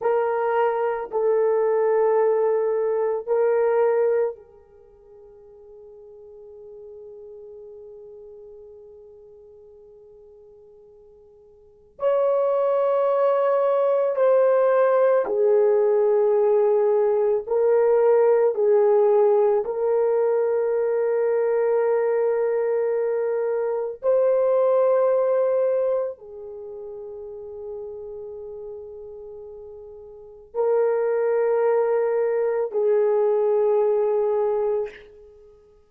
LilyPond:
\new Staff \with { instrumentName = "horn" } { \time 4/4 \tempo 4 = 55 ais'4 a'2 ais'4 | gis'1~ | gis'2. cis''4~ | cis''4 c''4 gis'2 |
ais'4 gis'4 ais'2~ | ais'2 c''2 | gis'1 | ais'2 gis'2 | }